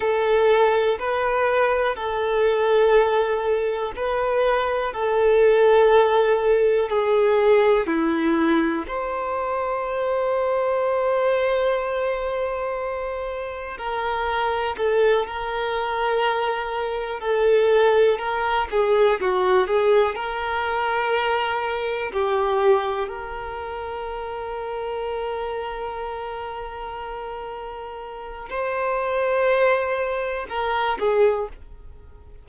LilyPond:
\new Staff \with { instrumentName = "violin" } { \time 4/4 \tempo 4 = 61 a'4 b'4 a'2 | b'4 a'2 gis'4 | e'4 c''2.~ | c''2 ais'4 a'8 ais'8~ |
ais'4. a'4 ais'8 gis'8 fis'8 | gis'8 ais'2 g'4 ais'8~ | ais'1~ | ais'4 c''2 ais'8 gis'8 | }